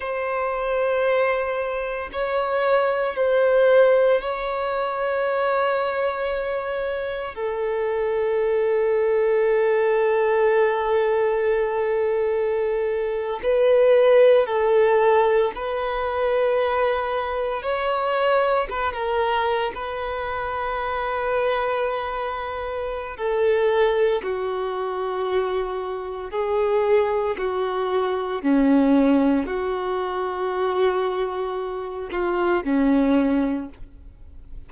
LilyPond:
\new Staff \with { instrumentName = "violin" } { \time 4/4 \tempo 4 = 57 c''2 cis''4 c''4 | cis''2. a'4~ | a'1~ | a'8. b'4 a'4 b'4~ b'16~ |
b'8. cis''4 b'16 ais'8. b'4~ b'16~ | b'2 a'4 fis'4~ | fis'4 gis'4 fis'4 cis'4 | fis'2~ fis'8 f'8 cis'4 | }